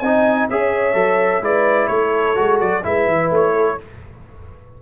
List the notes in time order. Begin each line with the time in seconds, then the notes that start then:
0.00 C4 D#4 D#5 G#5
0.50 C#4 G#4 C#5 E5
0.94 F#3 A4
1.42 G#3 E4 B4 D5
1.88 A3 A4 C#5
2.36 G#3 F#4
2.61 F#3 D5
2.84 G#3 E4 B4 E5
3.07 E3
3.31 A3 C#5
3.53 A4